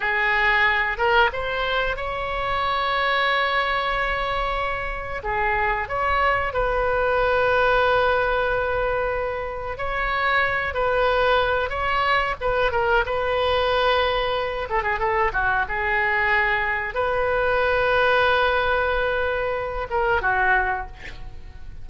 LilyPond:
\new Staff \with { instrumentName = "oboe" } { \time 4/4 \tempo 4 = 92 gis'4. ais'8 c''4 cis''4~ | cis''1 | gis'4 cis''4 b'2~ | b'2. cis''4~ |
cis''8 b'4. cis''4 b'8 ais'8 | b'2~ b'8 a'16 gis'16 a'8 fis'8 | gis'2 b'2~ | b'2~ b'8 ais'8 fis'4 | }